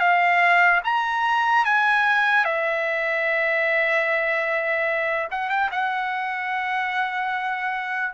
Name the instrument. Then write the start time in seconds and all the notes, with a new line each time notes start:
trumpet
0.00 F5
0.84 A#5
1.65 G#5
2.45 E5
5.31 F#5
5.50 G5
5.72 F#5